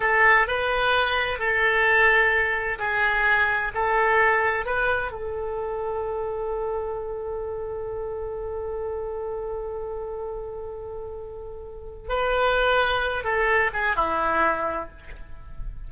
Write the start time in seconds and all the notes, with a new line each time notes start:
0.00 A4
0.47 B4
1.38 A4
2.79 G#4
3.74 A4
4.65 B4
5.11 A4
12.08 B4
13.24 A4
13.73 G#4
13.96 E4